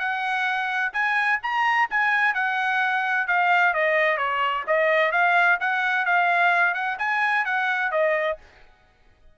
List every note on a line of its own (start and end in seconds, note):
0.00 0.93 F#5
0.94 1.40 G#5
1.43 1.90 A#5
1.91 2.35 G#5
2.35 3.28 F#5
3.28 3.74 F5
3.74 4.18 D#5
4.18 4.64 C#5
4.67 5.12 D#5
5.12 5.59 F5
5.61 6.06 F#5
6.06 6.75 F5
6.75 6.98 F#5
6.99 7.45 G#5
7.46 7.92 F#5
7.92 8.38 D#5